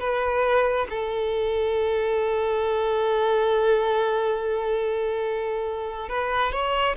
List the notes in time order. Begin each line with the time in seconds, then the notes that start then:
0.00 B4
0.90 A4
6.09 B4
6.53 C#5